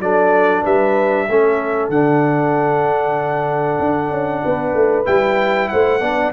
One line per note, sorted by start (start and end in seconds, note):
0.00 0.63 F#3
0.00 1.29 D4
0.00 0.63 A4
0.00 0.65 D5
0.63 1.28 G3
0.63 1.26 B4
0.63 1.90 E5
1.28 1.89 A3
1.28 1.92 C#4
1.28 4.44 A4
1.89 3.79 D3
1.89 5.06 D4
1.89 5.06 F#5
3.80 4.11 D4
4.11 4.42 C#4
4.44 4.74 B3
4.44 5.70 B4
4.74 5.06 A3
5.06 5.71 G3
5.06 6.00 E4
5.06 5.69 G5
5.69 6.01 A3
5.69 6.01 C5
5.69 6.32 F#5
6.01 6.32 B3
6.01 6.33 D4
6.01 6.33 D5